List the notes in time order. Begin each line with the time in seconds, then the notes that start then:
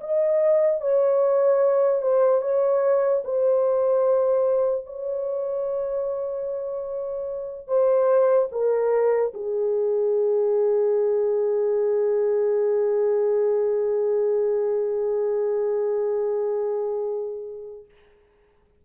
0.00 D#5
0.81 C#5
2.02 C5
2.41 C#5
3.24 C5
4.85 C#5
7.67 C5
8.51 A#4
9.34 G#4